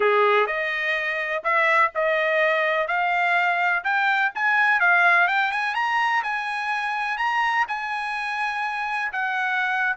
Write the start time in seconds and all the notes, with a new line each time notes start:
0.00 G#4
0.46 D#5
1.43 E5
1.94 D#5
2.87 F5
3.84 G5
4.35 G#5
4.79 F5
5.27 G5
5.51 G#5
5.75 A#5
6.23 G#5
7.17 A#5
7.68 G#5
9.12 F#5